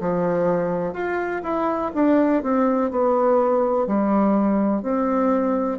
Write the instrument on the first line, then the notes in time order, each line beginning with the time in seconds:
bassoon
0.00 F3
0.93 F4
1.43 E4
1.94 D4
2.43 C4
2.90 B3
3.87 G3
4.82 C4